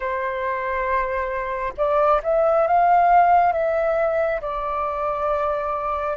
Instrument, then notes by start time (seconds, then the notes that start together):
flute
0.00 C5
1.77 D5
2.23 E5
2.67 F5
3.52 E5
4.41 D5